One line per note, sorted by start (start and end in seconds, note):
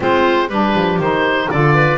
0.00 0.48 G#3
0.00 0.49 C4
0.00 0.47 F4
0.00 0.49 C5
0.47 0.73 G3
0.47 1.01 D4
0.47 1.47 G4
0.47 0.99 B4
0.74 0.99 F3
0.99 1.49 D#3
0.99 1.51 D#4
0.99 1.50 C5
1.50 1.98 D3
1.50 1.98 F4
1.50 1.74 A4
1.50 1.98 D5
1.74 1.98 B4